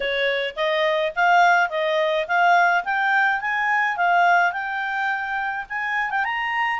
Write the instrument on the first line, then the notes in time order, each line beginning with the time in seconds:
clarinet
0.00 C#5
0.56 D#5
1.15 F5
1.69 D#5
2.27 F5
2.84 G5
3.40 G#5
3.96 F5
4.52 G5
5.69 G#5
6.10 G5
6.24 A#5